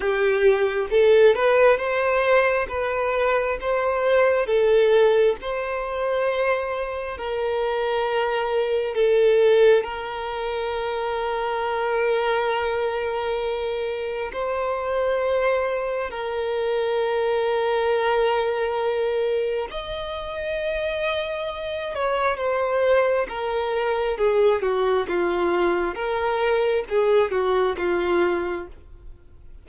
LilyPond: \new Staff \with { instrumentName = "violin" } { \time 4/4 \tempo 4 = 67 g'4 a'8 b'8 c''4 b'4 | c''4 a'4 c''2 | ais'2 a'4 ais'4~ | ais'1 |
c''2 ais'2~ | ais'2 dis''2~ | dis''8 cis''8 c''4 ais'4 gis'8 fis'8 | f'4 ais'4 gis'8 fis'8 f'4 | }